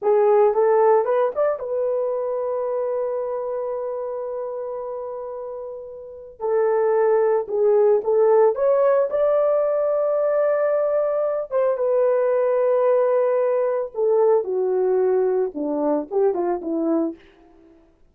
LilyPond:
\new Staff \with { instrumentName = "horn" } { \time 4/4 \tempo 4 = 112 gis'4 a'4 b'8 d''8 b'4~ | b'1~ | b'1 | a'2 gis'4 a'4 |
cis''4 d''2.~ | d''4. c''8 b'2~ | b'2 a'4 fis'4~ | fis'4 d'4 g'8 f'8 e'4 | }